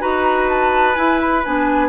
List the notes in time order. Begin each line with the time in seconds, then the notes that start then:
0.00 D#4 F#4 B4 A#5
0.49 A5
0.96 E4 G#5
1.21 B5
1.45 B3 D4 G#5